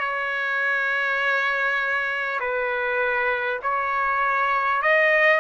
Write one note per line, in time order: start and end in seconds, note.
0.00 2.40 C#5
2.41 3.61 B4
3.63 4.83 C#5
4.83 5.41 D#5